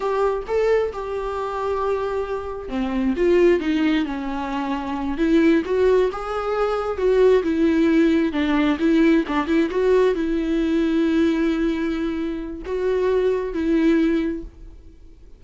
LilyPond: \new Staff \with { instrumentName = "viola" } { \time 4/4 \tempo 4 = 133 g'4 a'4 g'2~ | g'2 c'4 f'4 | dis'4 cis'2~ cis'8 e'8~ | e'8 fis'4 gis'2 fis'8~ |
fis'8 e'2 d'4 e'8~ | e'8 d'8 e'8 fis'4 e'4.~ | e'1 | fis'2 e'2 | }